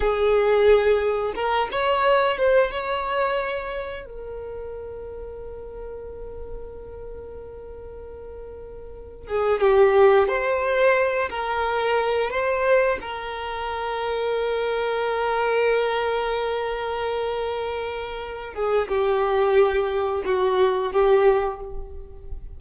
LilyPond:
\new Staff \with { instrumentName = "violin" } { \time 4/4 \tempo 4 = 89 gis'2 ais'8 cis''4 c''8 | cis''2 ais'2~ | ais'1~ | ais'4.~ ais'16 gis'8 g'4 c''8.~ |
c''8. ais'4. c''4 ais'8.~ | ais'1~ | ais'2.~ ais'8 gis'8 | g'2 fis'4 g'4 | }